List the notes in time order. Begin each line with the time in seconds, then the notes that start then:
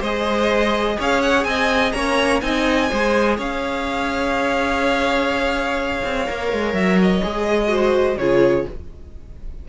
0.00 G#3 G#4 C5 D#5
0.98 C#4 C#5 F5
1.21 F#5
1.44 C4 D#5 G#5
1.92 A#3 C#4 C#5 A#5
2.41 C4 D#4 D#5 G#5
2.90 G#3 G#4 C5
3.37 C#4 C#5 F5
6.04 C4
6.26 A#3 A#4
6.52 G#3
6.73 F#3 E5
7.02 D#5
7.23 G#3 G#4
7.67 F#4 C5
8.17 C#3 F4 G#4 C#5